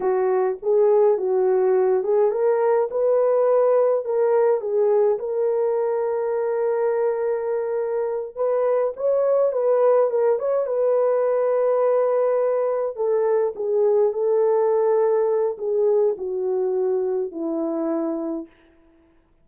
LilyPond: \new Staff \with { instrumentName = "horn" } { \time 4/4 \tempo 4 = 104 fis'4 gis'4 fis'4. gis'8 | ais'4 b'2 ais'4 | gis'4 ais'2.~ | ais'2~ ais'8 b'4 cis''8~ |
cis''8 b'4 ais'8 cis''8 b'4.~ | b'2~ b'8 a'4 gis'8~ | gis'8 a'2~ a'8 gis'4 | fis'2 e'2 | }